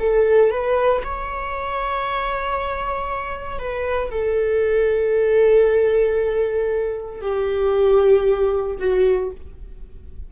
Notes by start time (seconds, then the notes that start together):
0.00 A4
0.51 B4
1.04 C#5
3.59 B4
4.11 A4
7.21 G4
8.79 F#4